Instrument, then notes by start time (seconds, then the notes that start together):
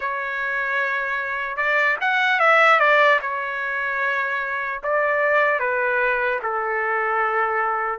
trumpet
0.00 C#5
1.56 D5
2.00 F#5
2.39 E5
2.79 D5
3.21 C#5
4.83 D5
5.59 B4
6.42 A4